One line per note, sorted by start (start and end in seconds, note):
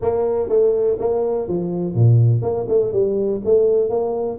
0.01 0.49 A#3
0.49 0.97 A3
0.99 1.48 A#3
1.48 1.94 F3
1.94 2.41 A#2
2.41 2.66 A#3
2.68 2.92 A3
2.92 3.41 G3
3.44 3.89 A3
3.89 4.38 A#3